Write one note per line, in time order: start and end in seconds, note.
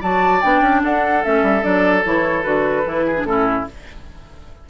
0.00 0.42 F#3
0.00 0.42 F#4
0.00 0.81 D5
0.00 0.41 A5
0.41 0.60 B3
0.41 1.23 D4
0.41 0.82 G5
0.60 0.80 C#4
0.83 1.24 D4
0.83 3.05 A4
0.83 1.24 F#5
1.23 1.42 A3
1.23 1.61 C#4
1.23 1.64 E5
1.42 1.62 G3
1.61 2.05 F#3
1.61 2.02 D4
1.61 2.04 D5
2.04 2.45 E3
2.04 2.42 E4
2.04 2.42 C#5
2.42 2.85 D3
2.42 2.83 F#4
2.42 3.23 B4
2.84 3.23 E3
2.84 3.15 E4
3.05 3.26 G#4
3.16 3.25 D4
3.23 3.64 A2
3.23 3.66 C#4
3.23 3.69 E4
3.23 3.64 A4